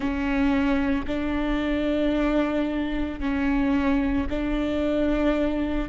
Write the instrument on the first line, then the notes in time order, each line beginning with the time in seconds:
viola
0.00 C#4
1.06 D4
3.19 C#4
4.29 D4